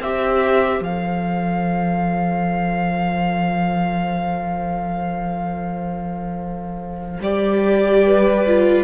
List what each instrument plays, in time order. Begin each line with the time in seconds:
0.00 cello C4, viola G4, violin C5 E5
0.81 cello F3, viola A4, violin F5
7.21 cello G3, viola G4, violin D5
8.06 violin B4
8.46 viola F4